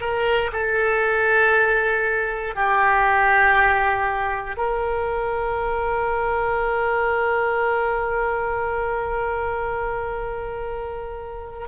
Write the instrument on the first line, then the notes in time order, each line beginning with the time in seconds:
oboe
0.00 A#4
0.52 A4
2.55 G4
4.57 A#4